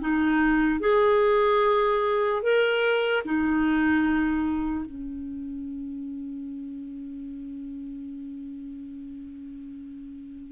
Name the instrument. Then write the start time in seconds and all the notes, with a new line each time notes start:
clarinet
0.00 D#4
0.80 G#4
2.43 A#4
3.25 D#4
4.86 C#4